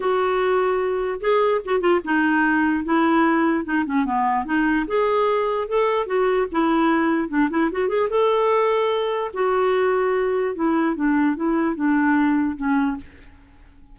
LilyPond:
\new Staff \with { instrumentName = "clarinet" } { \time 4/4 \tempo 4 = 148 fis'2. gis'4 | fis'8 f'8 dis'2 e'4~ | e'4 dis'8 cis'8 b4 dis'4 | gis'2 a'4 fis'4 |
e'2 d'8 e'8 fis'8 gis'8 | a'2. fis'4~ | fis'2 e'4 d'4 | e'4 d'2 cis'4 | }